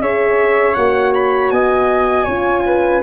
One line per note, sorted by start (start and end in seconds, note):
0.00 0.76 C#4
0.00 0.75 G#4
0.00 1.53 C#5
0.00 0.74 E5
0.74 1.51 A#3
0.74 2.27 F#4
0.74 1.12 F#5
1.14 1.50 B5
1.50 2.27 B3
1.50 2.24 D#5
1.50 3.02 G#5
2.24 3.03 C#4
2.24 3.03 F4
2.24 2.62 C#5
2.66 3.03 B4